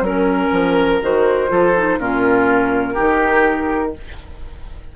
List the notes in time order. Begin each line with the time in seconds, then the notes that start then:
0.00 F#3 C#4 A#4
0.51 F3
1.01 D#3 F#4 C5
1.47 F3 F4 A4
1.76 D#4
1.98 A#2 C#4 F4 A#4
2.94 D#3 D#4 G4